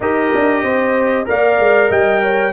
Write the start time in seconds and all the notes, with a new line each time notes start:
0.00 D#4 G4 A#4 D#5
0.34 D4
0.63 C4 C5
1.25 A#3 A#4 D5 F5
1.58 G#3
1.90 G3 D#5 G5
2.22 C#5